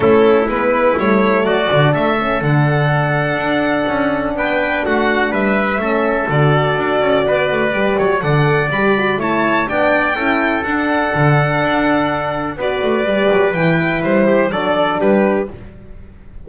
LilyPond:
<<
  \new Staff \with { instrumentName = "violin" } { \time 4/4 \tempo 4 = 124 a'4 b'4 cis''4 d''4 | e''4 fis''2.~ | fis''4 g''4 fis''4 e''4~ | e''4 d''2.~ |
d''4 fis''4 b''4 a''4 | g''2 fis''2~ | fis''2 d''2 | g''4 c''4 d''4 b'4 | }
  \new Staff \with { instrumentName = "trumpet" } { \time 4/4 e'2. fis'4 | a'1~ | a'4 b'4 fis'4 b'4 | a'2. b'4~ |
b'8 cis''8 d''2 cis''4 | d''4 a'2.~ | a'2 b'2~ | b'4. g'8 a'4 g'4 | }
  \new Staff \with { instrumentName = "horn" } { \time 4/4 cis'4 b4 a4. d'8~ | d'8 cis'8 d'2.~ | d'1 | cis'4 fis'2. |
g'4 a'4 g'8 fis'8 e'4 | d'4 e'4 d'2~ | d'2 fis'4 g'4 | e'2 d'2 | }
  \new Staff \with { instrumentName = "double bass" } { \time 4/4 a4 gis4 g4 fis8 d8 | a4 d2 d'4 | cis'4 b4 a4 g4 | a4 d4 d'8 cis'8 b8 a8 |
g8 fis8 d4 g4 a4 | b4 cis'4 d'4 d4 | d'2 b8 a8 g8 fis8 | e4 g4 fis4 g4 | }
>>